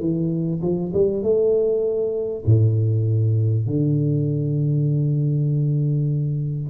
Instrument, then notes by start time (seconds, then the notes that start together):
tuba
0.00 E3
0.62 F3
0.93 G3
1.23 A3
2.45 A2
3.66 D3